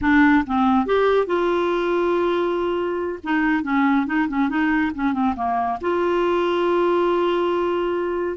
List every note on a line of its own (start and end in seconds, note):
0.01 0.44 D4
0.46 0.86 C4
0.86 1.26 G4
1.26 3.19 F4
3.23 3.63 D#4
3.63 4.06 C#4
4.06 4.27 D#4
4.28 4.49 C#4
4.49 4.92 D#4
4.95 5.13 C#4
5.13 5.34 C4
5.35 5.78 A#3
5.81 8.37 F4